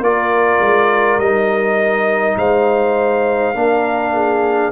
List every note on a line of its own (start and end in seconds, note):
0.00 0.59 A#3
0.00 1.20 F4
0.00 2.37 A#4
0.00 1.19 D5
0.59 1.18 G#3
1.18 2.35 G3
1.18 3.54 D#4
1.18 2.37 D#5
2.36 3.54 G#3
2.36 3.55 C5
2.36 4.71 F5
3.54 4.71 A#3
3.54 4.71 D4
3.54 4.13 A#4
4.13 4.71 G#4